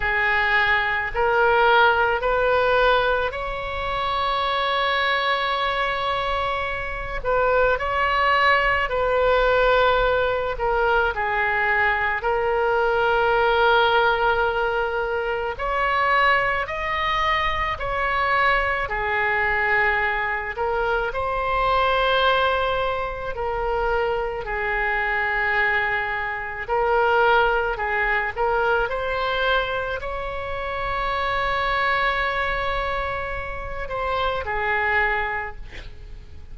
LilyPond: \new Staff \with { instrumentName = "oboe" } { \time 4/4 \tempo 4 = 54 gis'4 ais'4 b'4 cis''4~ | cis''2~ cis''8 b'8 cis''4 | b'4. ais'8 gis'4 ais'4~ | ais'2 cis''4 dis''4 |
cis''4 gis'4. ais'8 c''4~ | c''4 ais'4 gis'2 | ais'4 gis'8 ais'8 c''4 cis''4~ | cis''2~ cis''8 c''8 gis'4 | }